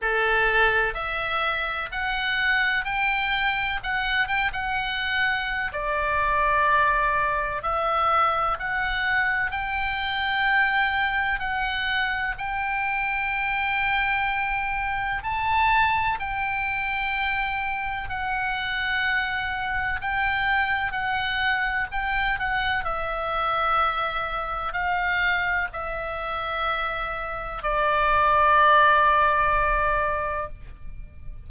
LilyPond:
\new Staff \with { instrumentName = "oboe" } { \time 4/4 \tempo 4 = 63 a'4 e''4 fis''4 g''4 | fis''8 g''16 fis''4~ fis''16 d''2 | e''4 fis''4 g''2 | fis''4 g''2. |
a''4 g''2 fis''4~ | fis''4 g''4 fis''4 g''8 fis''8 | e''2 f''4 e''4~ | e''4 d''2. | }